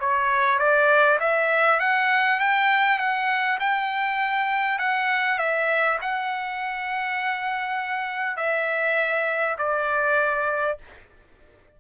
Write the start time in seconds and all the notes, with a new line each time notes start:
0.00 C#5
0.59 D5
1.20 E5
1.80 F#5
2.40 G5
2.98 F#5
3.60 G5
4.79 F#5
5.39 E5
6.01 F#5
8.37 E5
9.58 D5